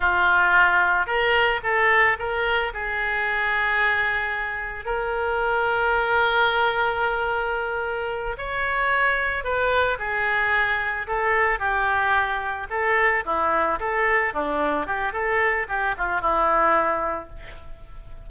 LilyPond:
\new Staff \with { instrumentName = "oboe" } { \time 4/4 \tempo 4 = 111 f'2 ais'4 a'4 | ais'4 gis'2.~ | gis'4 ais'2.~ | ais'2.~ ais'8 cis''8~ |
cis''4. b'4 gis'4.~ | gis'8 a'4 g'2 a'8~ | a'8 e'4 a'4 d'4 g'8 | a'4 g'8 f'8 e'2 | }